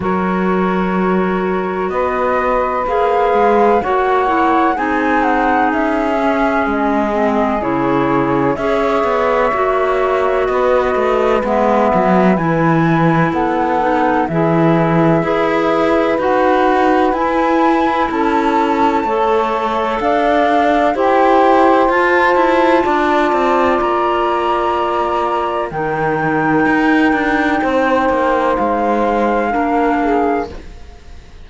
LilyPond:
<<
  \new Staff \with { instrumentName = "flute" } { \time 4/4 \tempo 4 = 63 cis''2 dis''4 f''4 | fis''4 gis''8 fis''8 e''4 dis''4 | cis''4 e''2 dis''4 | e''4 gis''4 fis''4 e''4~ |
e''4 fis''4 gis''4 a''4~ | a''4 f''4 g''4 a''4~ | a''4 ais''2 g''4~ | g''2 f''2 | }
  \new Staff \with { instrumentName = "saxophone" } { \time 4/4 ais'2 b'2 | cis''4 gis'2.~ | gis'4 cis''2 b'4~ | b'2 a'4 gis'4 |
b'2. a'4 | cis''4 d''4 c''2 | d''2. ais'4~ | ais'4 c''2 ais'8 gis'8 | }
  \new Staff \with { instrumentName = "clarinet" } { \time 4/4 fis'2. gis'4 | fis'8 e'8 dis'4. cis'4 c'8 | e'4 gis'4 fis'2 | b4 e'4. dis'8 e'4 |
gis'4 fis'4 e'2 | a'2 g'4 f'4~ | f'2. dis'4~ | dis'2. d'4 | }
  \new Staff \with { instrumentName = "cello" } { \time 4/4 fis2 b4 ais8 gis8 | ais4 c'4 cis'4 gis4 | cis4 cis'8 b8 ais4 b8 a8 | gis8 fis8 e4 b4 e4 |
e'4 dis'4 e'4 cis'4 | a4 d'4 e'4 f'8 e'8 | d'8 c'8 ais2 dis4 | dis'8 d'8 c'8 ais8 gis4 ais4 | }
>>